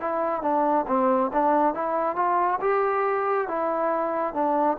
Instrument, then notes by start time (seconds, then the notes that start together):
trombone
0.00 E4
0.42 D4
0.87 C4
1.32 D4
1.74 E4
2.15 F4
2.60 G4
3.47 E4
4.34 D4